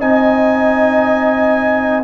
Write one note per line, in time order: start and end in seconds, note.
0.00 2.04 C4
0.00 2.04 D#4
0.00 2.03 D#5
0.00 2.04 G#5